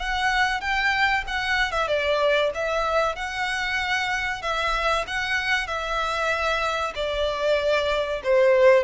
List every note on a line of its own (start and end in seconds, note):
0.00 0.61 F#5
0.61 1.24 G5
1.27 1.72 F#5
1.72 1.88 E5
1.88 2.51 D5
2.55 3.16 E5
3.16 4.42 F#5
4.42 5.06 E5
5.08 5.67 F#5
5.67 6.94 E5
6.96 8.22 D5
8.24 8.84 C5